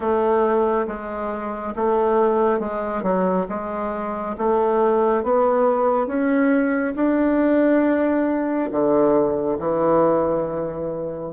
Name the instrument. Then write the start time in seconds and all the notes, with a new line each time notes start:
bassoon
0.00 A3
0.87 G#3
1.75 A3
2.59 G#3
3.02 F#3
3.49 G#3
4.37 A3
5.23 B3
6.07 C#4
6.95 D4
8.71 D3
9.58 E3